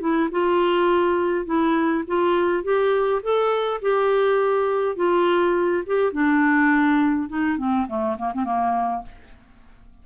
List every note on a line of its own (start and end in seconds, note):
0.00 0.29 E4
0.31 1.45 F4
1.45 2.04 E4
2.07 2.63 F4
2.63 3.21 G4
3.23 3.81 A4
3.82 4.96 G4
4.96 5.83 F4
5.86 6.12 G4
6.12 7.29 D4
7.29 7.58 D#4
7.58 7.87 C4
7.88 8.17 A3
8.18 8.32 A#3
8.34 8.44 C4
8.44 9.02 A#3